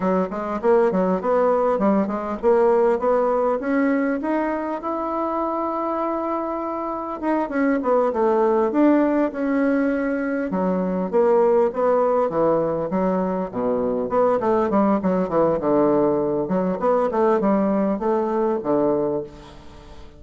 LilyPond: \new Staff \with { instrumentName = "bassoon" } { \time 4/4 \tempo 4 = 100 fis8 gis8 ais8 fis8 b4 g8 gis8 | ais4 b4 cis'4 dis'4 | e'1 | dis'8 cis'8 b8 a4 d'4 cis'8~ |
cis'4. fis4 ais4 b8~ | b8 e4 fis4 b,4 b8 | a8 g8 fis8 e8 d4. fis8 | b8 a8 g4 a4 d4 | }